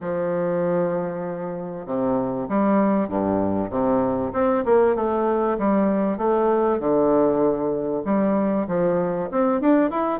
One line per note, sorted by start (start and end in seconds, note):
0.00 1.86 F3
1.86 2.47 C3
2.48 3.08 G3
3.08 3.70 G2
3.70 4.32 C3
4.32 4.63 C4
4.65 4.95 A#3
4.95 5.57 A3
5.58 6.17 G3
6.17 6.79 A3
6.79 8.03 D3
8.04 8.66 G3
8.67 9.29 F3
9.31 9.60 C4
9.60 9.90 D4
9.90 10.19 E4